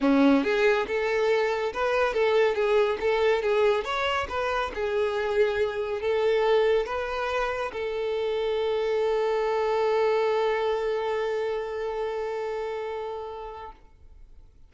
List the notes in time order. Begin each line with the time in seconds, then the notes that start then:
0.00 C#4
0.43 G#4
0.87 A4
1.73 B4
2.13 A4
2.55 G#4
3.00 A4
3.42 G#4
3.84 C#5
4.28 B4
4.74 G#4
6.01 A4
6.86 B4
7.72 A4